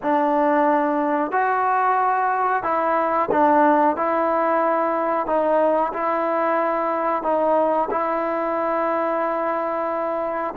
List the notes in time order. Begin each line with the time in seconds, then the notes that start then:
0.02 D4
1.31 F#4
2.63 E4
3.31 D4
3.96 E4
5.26 D#4
5.93 E4
7.22 D#4
7.90 E4